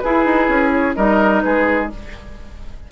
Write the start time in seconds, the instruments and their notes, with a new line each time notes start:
0.00 bassoon E4, clarinet E4, oboe G#4, flute B4
0.25 bassoon D#4
0.49 bassoon C#4
0.71 flute C#5
0.96 bassoon G3, clarinet D#4, oboe A#4, flute D#5
1.42 bassoon G#3, oboe G#4, flute B4